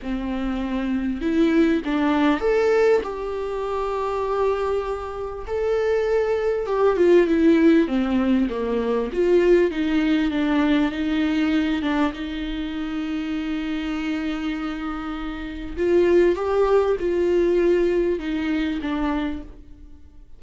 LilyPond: \new Staff \with { instrumentName = "viola" } { \time 4/4 \tempo 4 = 99 c'2 e'4 d'4 | a'4 g'2.~ | g'4 a'2 g'8 f'8 | e'4 c'4 ais4 f'4 |
dis'4 d'4 dis'4. d'8 | dis'1~ | dis'2 f'4 g'4 | f'2 dis'4 d'4 | }